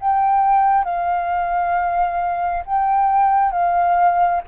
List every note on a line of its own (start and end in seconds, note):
0.00 0.84 G5
0.84 2.63 F5
2.65 3.51 G5
3.51 4.41 F5